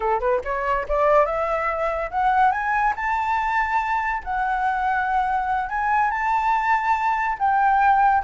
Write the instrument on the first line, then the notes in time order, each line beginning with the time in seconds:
flute
0.00 A4
0.20 B4
0.44 C#5
0.88 D5
1.25 E5
2.10 F#5
2.51 G#5
2.96 A5
4.24 F#5
5.69 G#5
6.11 A5
7.38 G5